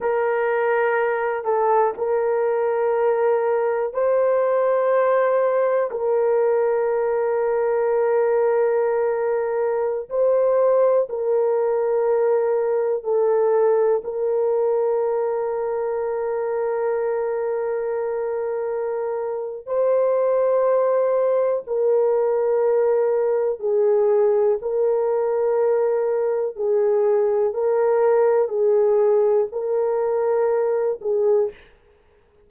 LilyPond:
\new Staff \with { instrumentName = "horn" } { \time 4/4 \tempo 4 = 61 ais'4. a'8 ais'2 | c''2 ais'2~ | ais'2~ ais'16 c''4 ais'8.~ | ais'4~ ais'16 a'4 ais'4.~ ais'16~ |
ais'1 | c''2 ais'2 | gis'4 ais'2 gis'4 | ais'4 gis'4 ais'4. gis'8 | }